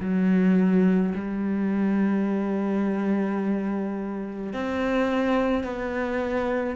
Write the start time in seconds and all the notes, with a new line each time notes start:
0.00 F#3
1.15 G3
4.53 C4
5.63 B3